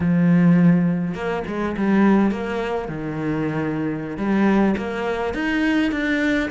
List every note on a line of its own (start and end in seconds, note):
0.00 1.14 F3
1.14 1.43 A#3
1.47 1.75 G#3
1.76 2.31 G3
2.31 2.88 A#3
2.88 4.17 D#3
4.17 4.75 G3
4.77 5.34 A#3
5.34 5.91 D#4
5.91 6.49 D4